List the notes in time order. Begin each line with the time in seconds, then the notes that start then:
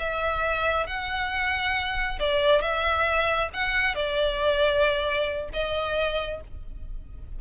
0.00 E5
0.87 F#5
2.20 D5
2.62 E5
3.54 F#5
3.96 D5
5.53 D#5